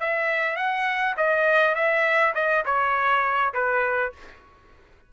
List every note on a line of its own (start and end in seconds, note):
0.00 0.56 E5
0.56 1.15 F#5
1.17 1.75 D#5
1.75 2.34 E5
2.35 2.64 D#5
2.65 3.53 C#5
3.54 4.13 B4